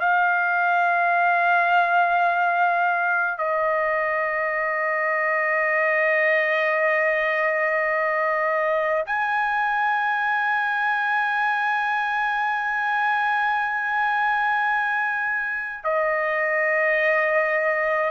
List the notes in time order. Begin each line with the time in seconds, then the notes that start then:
0.00 F5
3.38 D#5
9.06 G#5
15.84 D#5